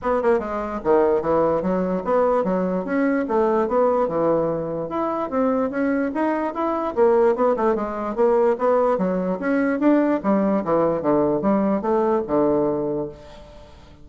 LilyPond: \new Staff \with { instrumentName = "bassoon" } { \time 4/4 \tempo 4 = 147 b8 ais8 gis4 dis4 e4 | fis4 b4 fis4 cis'4 | a4 b4 e2 | e'4 c'4 cis'4 dis'4 |
e'4 ais4 b8 a8 gis4 | ais4 b4 fis4 cis'4 | d'4 g4 e4 d4 | g4 a4 d2 | }